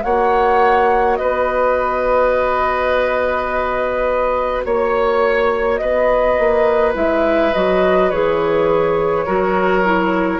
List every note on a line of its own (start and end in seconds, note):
0.00 1.19 A#3
0.00 6.92 F#4
0.00 1.19 C#5
0.00 1.16 F#5
1.16 4.65 B3
1.16 4.65 B4
1.16 4.62 D#5
4.64 5.80 A#3
4.64 5.76 C#5
4.64 5.80 C#5
5.76 6.38 B3
5.76 9.25 B4
5.76 6.92 D#5
6.38 6.95 A#3
6.94 7.52 G#3
6.94 7.51 E4
6.94 7.53 E5
7.53 8.11 F#3
7.53 8.12 F#4
7.53 8.10 D#5
8.10 9.26 E3
8.10 9.26 G#4
8.10 10.39 C#5
9.25 10.39 F#3
9.25 9.83 F#4
9.25 10.39 A#4
9.84 10.39 E4